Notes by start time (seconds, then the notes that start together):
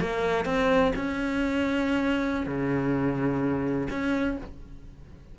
0.00 A#3
0.45 C4
0.96 C#4
2.46 C#3
3.90 C#4